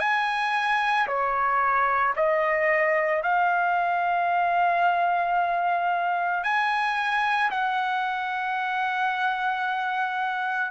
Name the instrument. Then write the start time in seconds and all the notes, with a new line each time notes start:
trumpet
0.00 G#5
1.08 C#5
2.16 D#5
3.23 F5
6.44 G#5
7.51 F#5